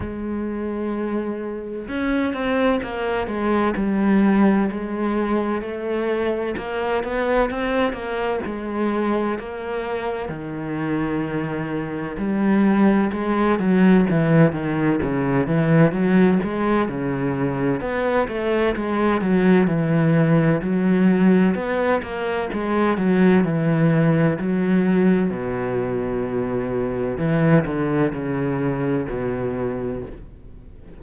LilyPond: \new Staff \with { instrumentName = "cello" } { \time 4/4 \tempo 4 = 64 gis2 cis'8 c'8 ais8 gis8 | g4 gis4 a4 ais8 b8 | c'8 ais8 gis4 ais4 dis4~ | dis4 g4 gis8 fis8 e8 dis8 |
cis8 e8 fis8 gis8 cis4 b8 a8 | gis8 fis8 e4 fis4 b8 ais8 | gis8 fis8 e4 fis4 b,4~ | b,4 e8 d8 cis4 b,4 | }